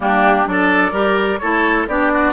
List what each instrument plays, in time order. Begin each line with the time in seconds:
0.00 bassoon G3, clarinet A#3, oboe D4, flute G4
0.45 bassoon F#3, clarinet D4, oboe A4, flute D5
0.92 bassoon G3, clarinet G4, oboe A#4
1.38 bassoon A3, clarinet E4, oboe A4, flute C#5
1.87 bassoon B3, clarinet D4, oboe G4, flute D5
2.13 oboe F#4